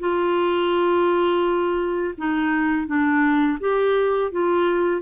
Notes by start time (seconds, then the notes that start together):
0.00 F4
2.18 D#4
2.87 D4
3.61 G4
4.32 F4